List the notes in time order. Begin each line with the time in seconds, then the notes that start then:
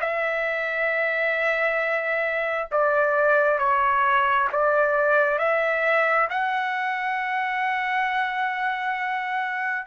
0.00 E5
2.72 D5
3.58 C#5
4.52 D5
5.39 E5
6.30 F#5